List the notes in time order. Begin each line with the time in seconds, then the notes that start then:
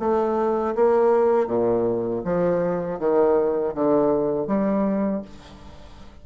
0.00 A3
0.75 A#3
1.48 A#2
2.25 F3
2.99 D#3
3.75 D3
4.47 G3